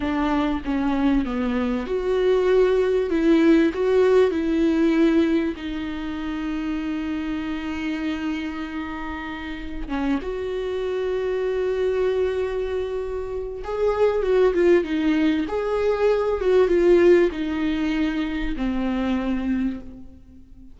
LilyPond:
\new Staff \with { instrumentName = "viola" } { \time 4/4 \tempo 4 = 97 d'4 cis'4 b4 fis'4~ | fis'4 e'4 fis'4 e'4~ | e'4 dis'2.~ | dis'1 |
cis'8 fis'2.~ fis'8~ | fis'2 gis'4 fis'8 f'8 | dis'4 gis'4. fis'8 f'4 | dis'2 c'2 | }